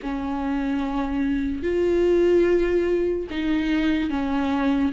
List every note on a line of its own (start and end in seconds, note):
0.02 1.63 C#4
1.63 3.27 F4
3.30 4.10 D#4
4.10 4.92 C#4